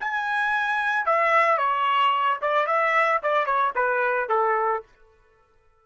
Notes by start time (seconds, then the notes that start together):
0.00 G#5
1.06 E5
1.58 C#5
2.41 D5
2.67 E5
3.22 D5
3.46 C#5
3.75 B4
4.29 A4